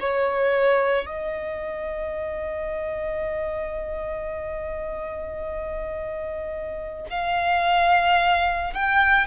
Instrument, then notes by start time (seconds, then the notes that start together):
violin
0.00 C#5
1.06 D#5
7.10 F5
8.73 G5